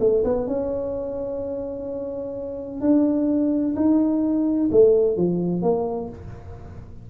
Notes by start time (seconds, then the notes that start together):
0.00 A3
0.24 B3
0.47 C#4
2.81 D4
3.76 D#4
4.71 A3
5.16 F3
5.62 A#3